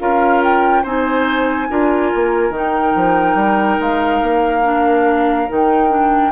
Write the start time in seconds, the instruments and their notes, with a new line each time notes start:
0.00 bassoon C#4, clarinet F4, oboe A#4, flute F5
0.43 flute G5
0.83 bassoon C4, clarinet D#4, oboe C5, flute G#5
1.70 bassoon D4, clarinet F4, oboe A#4
2.14 bassoon A#3
2.50 bassoon D#3, clarinet D#4
2.58 flute G5
2.96 bassoon F3
3.35 bassoon G3
3.80 bassoon G#3, flute F5
4.22 bassoon A#3
4.64 clarinet D4
5.48 bassoon D#3, clarinet D#4, flute G5
5.90 clarinet D4